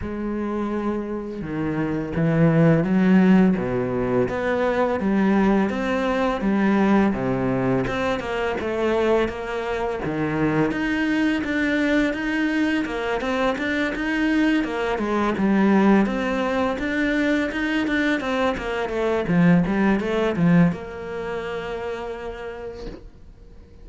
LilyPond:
\new Staff \with { instrumentName = "cello" } { \time 4/4 \tempo 4 = 84 gis2 dis4 e4 | fis4 b,4 b4 g4 | c'4 g4 c4 c'8 ais8 | a4 ais4 dis4 dis'4 |
d'4 dis'4 ais8 c'8 d'8 dis'8~ | dis'8 ais8 gis8 g4 c'4 d'8~ | d'8 dis'8 d'8 c'8 ais8 a8 f8 g8 | a8 f8 ais2. | }